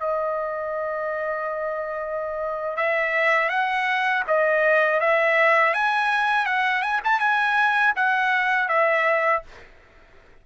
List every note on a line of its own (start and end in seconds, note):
0.00 2.77 D#5
2.77 3.49 E5
3.49 4.23 F#5
4.27 5.00 D#5
5.00 5.74 E5
5.74 6.46 G#5
6.46 6.82 F#5
6.82 7.01 G#5
7.04 7.20 A5
7.20 7.94 G#5
7.96 8.69 F#5
8.69 9.43 E5